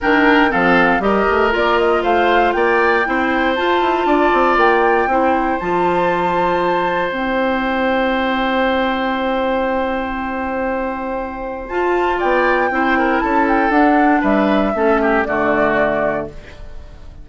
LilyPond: <<
  \new Staff \with { instrumentName = "flute" } { \time 4/4 \tempo 4 = 118 g''4 f''4 dis''4 d''8 dis''8 | f''4 g''2 a''4~ | a''4 g''2 a''4~ | a''2 g''2~ |
g''1~ | g''2. a''4 | g''2 a''8 g''8 fis''4 | e''2 d''2 | }
  \new Staff \with { instrumentName = "oboe" } { \time 4/4 ais'4 a'4 ais'2 | c''4 d''4 c''2 | d''2 c''2~ | c''1~ |
c''1~ | c''1 | d''4 c''8 ais'8 a'2 | b'4 a'8 g'8 fis'2 | }
  \new Staff \with { instrumentName = "clarinet" } { \time 4/4 d'4 c'4 g'4 f'4~ | f'2 e'4 f'4~ | f'2 e'4 f'4~ | f'2 e'2~ |
e'1~ | e'2. f'4~ | f'4 e'2 d'4~ | d'4 cis'4 a2 | }
  \new Staff \with { instrumentName = "bassoon" } { \time 4/4 dis4 f4 g8 a8 ais4 | a4 ais4 c'4 f'8 e'8 | d'8 c'8 ais4 c'4 f4~ | f2 c'2~ |
c'1~ | c'2. f'4 | b4 c'4 cis'4 d'4 | g4 a4 d2 | }
>>